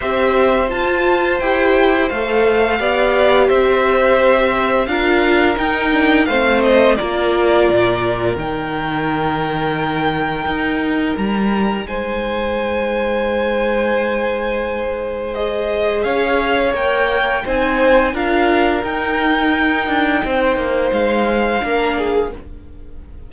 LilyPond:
<<
  \new Staff \with { instrumentName = "violin" } { \time 4/4 \tempo 4 = 86 e''4 a''4 g''4 f''4~ | f''4 e''2 f''4 | g''4 f''8 dis''8 d''2 | g''1 |
ais''4 gis''2.~ | gis''2 dis''4 f''4 | g''4 gis''4 f''4 g''4~ | g''2 f''2 | }
  \new Staff \with { instrumentName = "violin" } { \time 4/4 c''1 | d''4 c''2 ais'4~ | ais'4 c''4 ais'2~ | ais'1~ |
ais'4 c''2.~ | c''2. cis''4~ | cis''4 c''4 ais'2~ | ais'4 c''2 ais'8 gis'8 | }
  \new Staff \with { instrumentName = "viola" } { \time 4/4 g'4 f'4 g'4 a'4 | g'2. f'4 | dis'8 d'8 c'4 f'2 | dis'1~ |
dis'1~ | dis'2 gis'2 | ais'4 dis'4 f'4 dis'4~ | dis'2. d'4 | }
  \new Staff \with { instrumentName = "cello" } { \time 4/4 c'4 f'4 e'4 a4 | b4 c'2 d'4 | dis'4 a4 ais4 ais,4 | dis2. dis'4 |
g4 gis2.~ | gis2. cis'4 | ais4 c'4 d'4 dis'4~ | dis'8 d'8 c'8 ais8 gis4 ais4 | }
>>